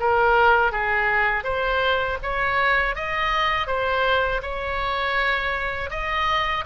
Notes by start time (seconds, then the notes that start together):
0.00 A#4
0.72 G#4
1.44 C5
2.23 C#5
2.95 D#5
3.67 C5
4.42 C#5
5.90 D#5